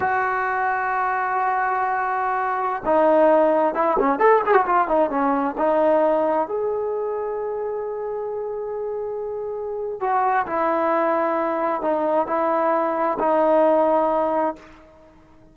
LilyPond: \new Staff \with { instrumentName = "trombone" } { \time 4/4 \tempo 4 = 132 fis'1~ | fis'2~ fis'16 dis'4.~ dis'16~ | dis'16 e'8 cis'8 a'8 gis'16 fis'16 f'8 dis'8 cis'8.~ | cis'16 dis'2 gis'4.~ gis'16~ |
gis'1~ | gis'2 fis'4 e'4~ | e'2 dis'4 e'4~ | e'4 dis'2. | }